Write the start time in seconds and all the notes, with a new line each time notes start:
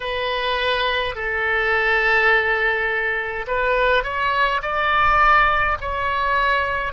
0.00 B4
1.15 A4
3.47 B4
4.03 C#5
4.62 D5
5.81 C#5